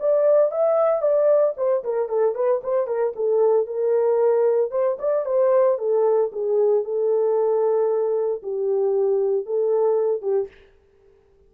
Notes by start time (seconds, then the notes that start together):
0.00 D5
0.52 E5
1.02 D5
1.57 C5
1.84 A#4
2.09 A4
2.35 B4
2.64 C5
2.87 A#4
3.16 A4
3.67 A#4
4.71 C5
5.00 D5
5.26 C5
5.78 A4
6.33 G#4
6.84 A4
8.43 G4
9.46 A4
10.22 G4